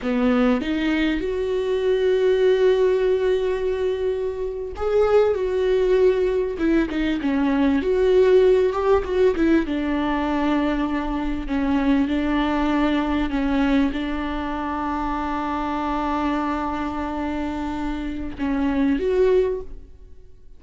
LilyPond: \new Staff \with { instrumentName = "viola" } { \time 4/4 \tempo 4 = 98 b4 dis'4 fis'2~ | fis'2.~ fis'8. gis'16~ | gis'8. fis'2 e'8 dis'8 cis'16~ | cis'8. fis'4. g'8 fis'8 e'8 d'16~ |
d'2~ d'8. cis'4 d'16~ | d'4.~ d'16 cis'4 d'4~ d'16~ | d'1~ | d'2 cis'4 fis'4 | }